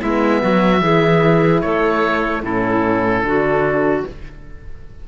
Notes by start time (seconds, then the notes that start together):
0.00 G#3 B3 E4 E5
0.41 F#3 F#4
0.81 E3 E4 G#4
1.61 A3 A4 C#5
2.42 A2 C#4 E4 A4
3.22 D3 D4 F#4